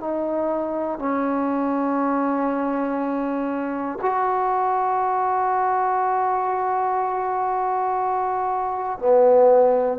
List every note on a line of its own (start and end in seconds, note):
0.00 0.99 D#4
0.99 3.99 C#4
4.02 8.99 F#4
8.99 9.99 B3